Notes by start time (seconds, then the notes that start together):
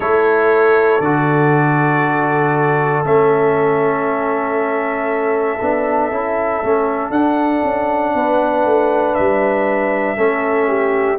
0.00 A3 E4 A4 C#5
0.99 D3 F#4 D5
3.04 A3 C#4 E5
5.61 B3 D4
6.10 C#4 E4
6.62 A3 C#4
7.09 D4 F#5
7.63 C#4
8.14 B3 B4
8.65 A3
9.14 G3 E5
10.16 A3 C#4 A4
10.68 G4